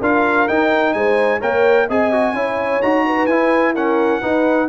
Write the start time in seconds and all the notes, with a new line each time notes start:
0.00 D4 F4 A#4 F5
0.48 D#4 G5
0.93 G#3 C5 G#5
1.39 A#3 A#4 C#5 G5
1.88 C4 G#4 D#5 G#5
2.12 F#4
2.33 C#4 E4 C#5
2.82 D#4 F#4 A#5
3.06 B4
3.26 E4 G#5
3.74 C#4 A#4 F#5
4.21 D#4 B4